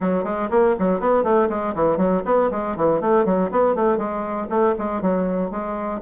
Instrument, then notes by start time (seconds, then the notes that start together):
bassoon
0.00 F#3
0.24 G#3
0.50 A#3
0.79 F#3
1.00 B3
1.23 A3
1.49 G#3
1.75 E3
1.97 F#3
2.25 B3
2.51 G#3
2.76 E3
3.00 A3
3.25 F#3
3.51 B3
3.75 A3
3.97 G#3
4.49 A3
4.78 G#3
5.01 F#3
5.50 G#3